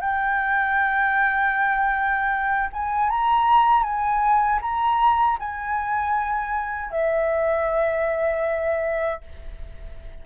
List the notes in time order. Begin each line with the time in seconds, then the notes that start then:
0.00 G5
2.73 G#5
3.09 A#5
3.83 G#5
4.61 A#5
5.39 G#5
6.91 E5